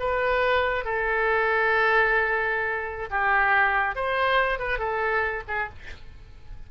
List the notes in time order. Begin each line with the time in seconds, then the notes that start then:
0.00 B4
0.85 A4
3.10 G4
3.96 C5
4.59 B4
4.79 A4
5.48 G#4